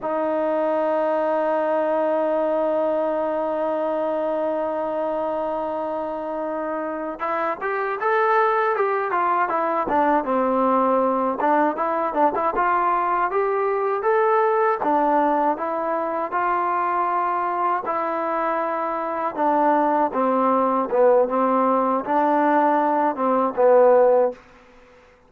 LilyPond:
\new Staff \with { instrumentName = "trombone" } { \time 4/4 \tempo 4 = 79 dis'1~ | dis'1~ | dis'4. e'8 g'8 a'4 g'8 | f'8 e'8 d'8 c'4. d'8 e'8 |
d'16 e'16 f'4 g'4 a'4 d'8~ | d'8 e'4 f'2 e'8~ | e'4. d'4 c'4 b8 | c'4 d'4. c'8 b4 | }